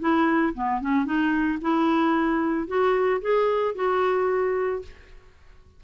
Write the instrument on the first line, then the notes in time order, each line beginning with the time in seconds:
clarinet
0.00 E4
0.54 B3
0.81 C#4
1.05 D#4
1.61 E4
2.68 F#4
3.21 G#4
3.75 F#4